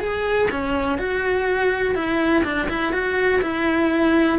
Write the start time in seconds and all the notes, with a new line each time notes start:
0.00 G#4
0.51 C#4
0.98 F#4
1.95 E4
2.44 D4
2.69 E4
2.93 F#4
3.42 E4